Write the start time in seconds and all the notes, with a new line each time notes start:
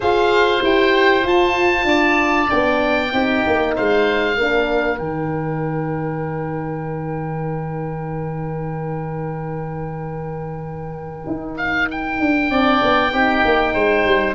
0.00 F4 G#4 C5 F5
0.62 E4 G4 G5
1.23 F4 A5
1.84 D4 D5
2.47 B3 D4 G5
3.12 C4 D#4 G4
3.46 A#3
3.75 G#3 C5 F5
4.36 A#3 D4 A#4
4.98 D#3 D#4 G5
11.26 D#4
11.57 F5
11.90 G5
12.20 D4
12.50 C4 D4 D5
12.82 B3
13.12 C4 D#4 G4
13.44 A#3
13.73 G#3 C5
14.04 G3